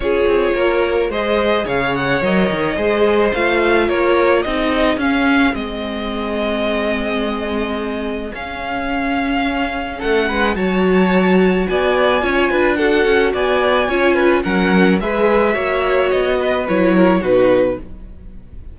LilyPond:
<<
  \new Staff \with { instrumentName = "violin" } { \time 4/4 \tempo 4 = 108 cis''2 dis''4 f''8 fis''8 | dis''2 f''4 cis''4 | dis''4 f''4 dis''2~ | dis''2. f''4~ |
f''2 fis''4 a''4~ | a''4 gis''2 fis''4 | gis''2 fis''4 e''4~ | e''4 dis''4 cis''4 b'4 | }
  \new Staff \with { instrumentName = "violin" } { \time 4/4 gis'4 ais'4 c''4 cis''4~ | cis''4 c''2 ais'4 | gis'1~ | gis'1~ |
gis'2 a'8 b'8 cis''4~ | cis''4 d''4 cis''8 b'8 a'4 | d''4 cis''8 b'8 ais'4 b'4 | cis''4. b'4 ais'8 fis'4 | }
  \new Staff \with { instrumentName = "viola" } { \time 4/4 f'2 gis'2 | ais'4 gis'4 f'2 | dis'4 cis'4 c'2~ | c'2. cis'4~ |
cis'2. fis'4~ | fis'2 f'4 fis'4~ | fis'4 f'4 cis'4 gis'4 | fis'2 e'4 dis'4 | }
  \new Staff \with { instrumentName = "cello" } { \time 4/4 cis'8 c'8 ais4 gis4 cis4 | fis8 dis8 gis4 a4 ais4 | c'4 cis'4 gis2~ | gis2. cis'4~ |
cis'2 a8 gis8 fis4~ | fis4 b4 cis'8 d'4 cis'8 | b4 cis'4 fis4 gis4 | ais4 b4 fis4 b,4 | }
>>